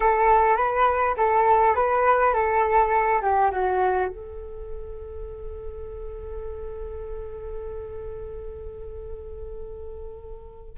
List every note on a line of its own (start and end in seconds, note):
0.00 0.57 A4
0.57 1.15 B4
1.17 1.75 A4
1.75 2.33 B4
2.33 3.21 A4
3.21 3.50 G4
3.51 4.08 F#4
4.08 10.77 A4